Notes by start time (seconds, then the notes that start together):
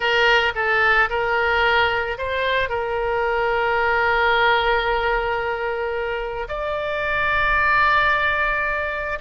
0.00 A#4
0.55 A4
1.09 A#4
2.17 C5
2.69 A#4
6.48 D5